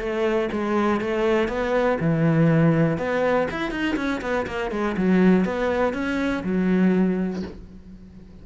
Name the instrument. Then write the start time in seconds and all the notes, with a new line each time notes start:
cello
0.00 A3
0.53 G#3
1.01 A3
1.49 B3
2.01 E3
2.98 B3
3.52 E4
3.72 D#4
3.96 C#4
4.22 B3
4.47 A#3
4.71 G#3
4.98 F#3
5.46 B3
5.94 C#4
6.44 F#3